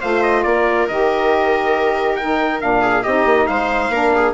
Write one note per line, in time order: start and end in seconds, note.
0.00 0.45 A3
0.00 0.88 F4
0.00 0.43 C5
0.00 0.23 F5
0.23 0.44 D#5
0.44 0.88 A#3
0.44 2.82 A#4
0.44 0.87 D5
0.88 2.63 D#3
0.88 2.21 G4
0.88 2.16 D#5
2.16 2.61 D#4
2.16 2.60 G5
2.61 3.06 A#2
2.61 3.04 D4
2.61 3.04 F5
2.82 3.04 G#4
3.04 3.26 C4
3.04 3.93 D#4
3.04 3.47 G4
3.04 3.47 D#5
3.26 3.47 A#3
3.47 3.90 G#3
3.47 3.92 C5
3.47 4.34 F5
3.90 4.33 A#3
3.90 4.35 D4
3.90 4.14 A#4
4.16 4.35 G#4